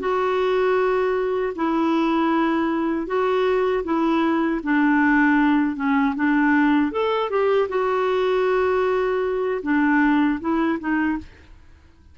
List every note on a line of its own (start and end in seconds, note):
0.00 1.54 F#4
1.56 3.07 E4
3.07 3.84 F#4
3.84 4.61 E4
4.64 5.76 D4
5.76 6.15 C#4
6.16 6.92 D4
6.92 7.30 A4
7.30 7.69 G4
7.70 9.62 F#4
9.63 10.40 D4
10.41 10.79 E4
10.80 11.19 D#4